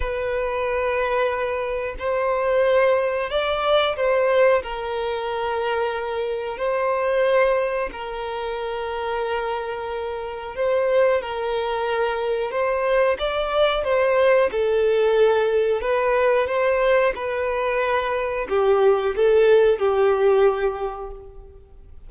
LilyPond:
\new Staff \with { instrumentName = "violin" } { \time 4/4 \tempo 4 = 91 b'2. c''4~ | c''4 d''4 c''4 ais'4~ | ais'2 c''2 | ais'1 |
c''4 ais'2 c''4 | d''4 c''4 a'2 | b'4 c''4 b'2 | g'4 a'4 g'2 | }